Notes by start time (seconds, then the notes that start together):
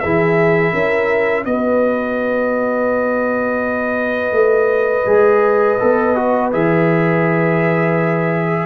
0.00 E3 E4 G#4 E5
0.73 C#4 A#4
1.45 B3 F#4 B4 D#5
4.32 A3
5.06 G#3 G#4
5.80 B3 A4
6.16 F#4
6.53 E3 G#4 E5